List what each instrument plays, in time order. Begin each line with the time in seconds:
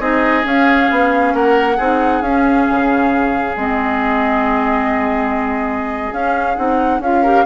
0.00 bassoon C4, clarinet D#4, oboe G#4, flute D#5
0.43 clarinet C#4, bassoon C#4, flute F5
0.91 bassoon B3
1.33 bassoon A#3, oboe A#4, flute F#5
1.77 bassoon C4, clarinet D#4, oboe G#4
2.22 bassoon C#4, clarinet C#4, flute F5
2.70 bassoon C#3
3.56 bassoon G#3, clarinet C4, flute D#5
6.12 clarinet C#4, bassoon C#4, flute F5
6.56 bassoon C4, clarinet D#4, flute F#5
7.00 bassoon C#4, clarinet F4, flute F5
7.23 clarinet G4, oboe A#4